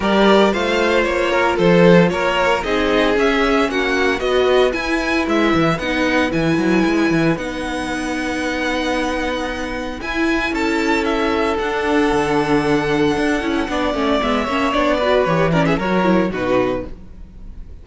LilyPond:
<<
  \new Staff \with { instrumentName = "violin" } { \time 4/4 \tempo 4 = 114 d''4 f''4 cis''4 c''4 | cis''4 dis''4 e''4 fis''4 | dis''4 gis''4 e''4 fis''4 | gis''2 fis''2~ |
fis''2. gis''4 | a''4 e''4 fis''2~ | fis''2. e''4 | d''4 cis''8 d''16 e''16 cis''4 b'4 | }
  \new Staff \with { instrumentName = "violin" } { \time 4/4 ais'4 c''4. ais'8 a'4 | ais'4 gis'2 fis'4 | b'1~ | b'1~ |
b'1 | a'1~ | a'2 d''4. cis''8~ | cis''8 b'4 ais'16 gis'16 ais'4 fis'4 | }
  \new Staff \with { instrumentName = "viola" } { \time 4/4 g'4 f'2.~ | f'4 dis'4 cis'2 | fis'4 e'2 dis'4 | e'2 dis'2~ |
dis'2. e'4~ | e'2 d'2~ | d'4. e'8 d'8 cis'8 b8 cis'8 | d'8 fis'8 g'8 cis'8 fis'8 e'8 dis'4 | }
  \new Staff \with { instrumentName = "cello" } { \time 4/4 g4 a4 ais4 f4 | ais4 c'4 cis'4 ais4 | b4 e'4 gis8 e8 b4 | e8 fis8 gis8 e8 b2~ |
b2. e'4 | cis'2 d'4 d4~ | d4 d'8 cis'8 b8 a8 gis8 ais8 | b4 e4 fis4 b,4 | }
>>